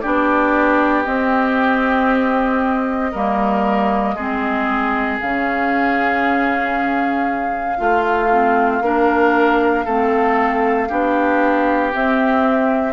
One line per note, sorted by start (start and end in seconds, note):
0.00 1.07 B3
0.00 1.05 D4
0.00 3.12 G4
0.00 1.03 D5
1.04 3.12 C4
1.04 3.14 C4
1.04 5.18 D#5
3.12 4.15 G3
3.12 4.18 A#3
3.12 4.15 A#4
4.15 5.18 G#3
4.15 5.22 C4
4.15 7.77 G#4
5.20 7.80 C#3
5.20 7.78 C#4
5.20 11.93 F5
7.78 8.81 A3
7.78 8.30 F4
7.78 8.83 F4
8.31 8.83 C4
8.81 9.85 A#3
8.81 9.86 D4
8.81 9.85 A#4
9.85 10.90 A3
9.85 10.89 C4
9.85 10.89 A4
10.89 11.94 B3
10.89 11.93 D4
10.89 12.94 G4
11.93 12.94 C4
11.93 12.94 E5